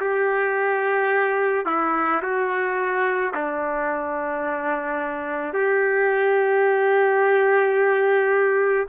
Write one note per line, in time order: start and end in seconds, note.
0.00 1.66 G4
1.66 2.21 E4
2.22 3.33 F#4
3.34 5.53 D4
5.53 8.86 G4